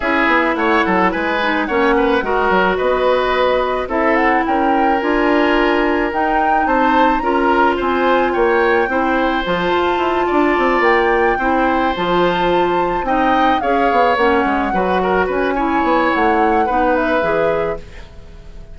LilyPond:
<<
  \new Staff \with { instrumentName = "flute" } { \time 4/4 \tempo 4 = 108 e''4 fis''4 gis''4 fis''4~ | fis''4 dis''2 e''8 fis''8 | g''4 gis''2 g''4 | a''4 ais''4 gis''4 g''4~ |
g''4 a''2~ a''8 g''8~ | g''4. a''2 g''8~ | g''8 f''4 fis''2 gis''8~ | gis''4 fis''4. e''4. | }
  \new Staff \with { instrumentName = "oboe" } { \time 4/4 gis'4 cis''8 a'8 b'4 cis''8 b'8 | ais'4 b'2 a'4 | ais'1 | c''4 ais'4 c''4 cis''4 |
c''2~ c''8 d''4.~ | d''8 c''2. dis''8~ | dis''8 cis''2 b'8 ais'8 b'8 | cis''2 b'2 | }
  \new Staff \with { instrumentName = "clarinet" } { \time 4/4 e'2~ e'8 dis'8 cis'4 | fis'2. e'4~ | e'4 f'2 dis'4~ | dis'4 f'2. |
e'4 f'2.~ | f'8 e'4 f'2 dis'8~ | dis'8 gis'4 cis'4 fis'4. | e'2 dis'4 gis'4 | }
  \new Staff \with { instrumentName = "bassoon" } { \time 4/4 cis'8 b8 a8 fis8 gis4 ais4 | gis8 fis8 b2 c'4 | cis'4 d'2 dis'4 | c'4 cis'4 c'4 ais4 |
c'4 f8 f'8 e'8 d'8 c'8 ais8~ | ais8 c'4 f2 c'8~ | c'8 cis'8 b8 ais8 gis8 fis4 cis'8~ | cis'8 b8 a4 b4 e4 | }
>>